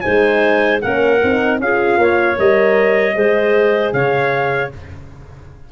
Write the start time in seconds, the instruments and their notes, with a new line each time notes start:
0.00 tuba G#3, horn D#4, clarinet C5, trumpet G#5
0.81 tuba A#3, horn C#4, clarinet A#4, trumpet F#5
1.23 tuba C4, horn D#4
1.59 tuba C#4, horn F4, clarinet G#4, trumpet F5
1.97 tuba A#3, clarinet C#5
2.37 tuba G3, horn A#4, trumpet D#5
3.14 tuba G#3, horn G#4, clarinet C5
3.92 tuba C#3, clarinet C#5, trumpet F5